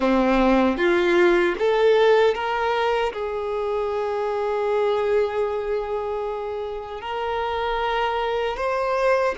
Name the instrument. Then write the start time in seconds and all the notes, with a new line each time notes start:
violin
0.00 C4
0.77 F4
1.58 A4
2.34 A#4
3.12 G#4
7.01 A#4
8.56 C5